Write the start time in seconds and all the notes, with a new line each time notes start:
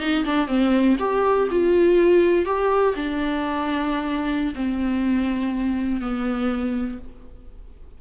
0.00 D#4
0.25 D4
0.48 C4
0.99 G4
1.51 F4
2.46 G4
2.96 D4
4.55 C4
6.01 B3